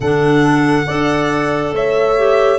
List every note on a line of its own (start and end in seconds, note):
0.00 0.86 D3
0.00 0.86 D4
0.00 0.87 A4
0.00 1.74 F#5
0.86 1.72 D4
0.86 2.17 A4
0.86 1.74 D5
1.72 2.58 A3
1.72 2.58 C#5
1.72 2.58 E5
2.17 2.58 G4